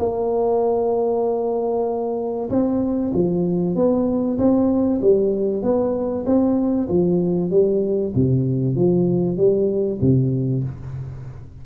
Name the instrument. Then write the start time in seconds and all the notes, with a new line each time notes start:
tuba
0.00 A#3
2.50 C4
3.14 F3
3.76 B3
4.39 C4
5.02 G3
5.63 B3
6.26 C4
6.89 F3
7.51 G3
8.15 C3
8.76 F3
9.38 G3
10.01 C3